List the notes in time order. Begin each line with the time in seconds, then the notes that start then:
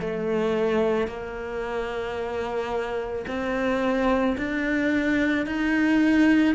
0.00 A3
1.07 A#3
3.27 C4
4.37 D4
5.46 D#4